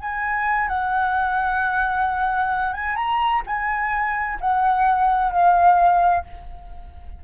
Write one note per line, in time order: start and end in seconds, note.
0.00 0.68 G#5
0.68 2.73 F#5
2.73 2.96 G#5
2.96 3.42 A#5
3.47 4.39 G#5
4.41 5.32 F#5
5.32 6.24 F5